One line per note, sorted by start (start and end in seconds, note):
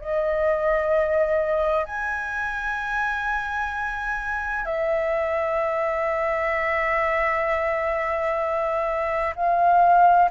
0.00 1.85 D#5
1.85 4.65 G#5
4.65 9.34 E5
9.35 10.29 F5